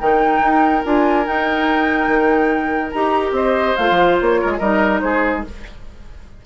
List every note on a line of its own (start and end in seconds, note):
0.00 0.41 D#3
0.00 0.85 D#4
0.00 3.36 A#4
0.00 0.84 G5
0.41 0.83 D#4
0.85 1.27 D4
0.85 1.25 F4
0.85 1.27 G#5
1.25 2.93 D#4
1.25 2.08 D#4
1.25 2.92 G5
2.08 2.92 D#3
2.92 3.32 D#4
2.92 3.78 G4
2.92 3.33 A#5
3.32 3.74 C4
3.32 4.41 C5
3.32 3.76 D#5
3.76 3.89 A3
3.76 4.61 F4
3.76 4.18 F5
3.90 4.21 F3
4.21 4.42 A#3
4.21 4.59 C#5
4.42 4.60 G#3
4.42 4.52 A#4
4.53 4.59 G#4
4.59 5.02 G3
4.59 5.45 D#4
4.59 5.01 A#4
4.59 5.00 D#5
5.00 5.45 G#3
5.00 5.46 G#4
5.00 5.42 C5